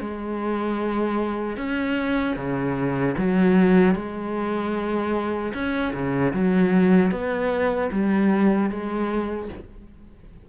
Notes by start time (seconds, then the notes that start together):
0.00 G#3
1.57 C#4
2.36 C#3
3.17 F#3
3.95 G#3
5.53 C#4
5.93 C#3
6.33 F#3
7.11 B3
7.92 G3
8.70 G#3